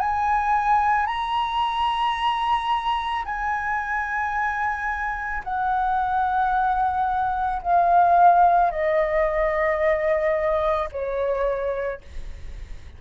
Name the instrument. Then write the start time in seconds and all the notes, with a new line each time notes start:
flute
0.00 G#5
1.07 A#5
3.25 G#5
5.44 F#5
7.62 F5
8.71 D#5
10.92 C#5